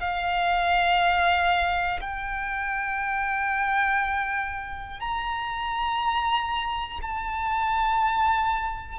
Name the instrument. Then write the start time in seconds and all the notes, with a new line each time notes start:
violin
0.00 F5
2.00 G5
5.00 A#5
7.02 A5